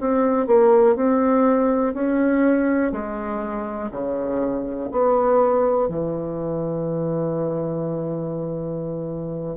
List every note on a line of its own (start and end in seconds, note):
0.00 0.46 C4
0.46 0.96 A#3
0.96 1.94 C4
1.94 2.92 C#4
2.92 3.90 G#3
3.91 4.90 C#3
4.91 5.88 B3
5.88 9.56 E3